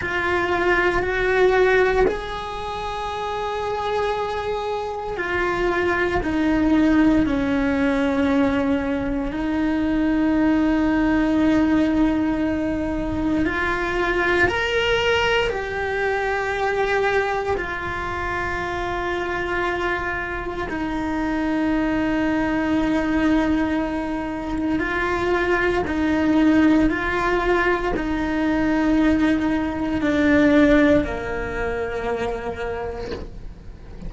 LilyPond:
\new Staff \with { instrumentName = "cello" } { \time 4/4 \tempo 4 = 58 f'4 fis'4 gis'2~ | gis'4 f'4 dis'4 cis'4~ | cis'4 dis'2.~ | dis'4 f'4 ais'4 g'4~ |
g'4 f'2. | dis'1 | f'4 dis'4 f'4 dis'4~ | dis'4 d'4 ais2 | }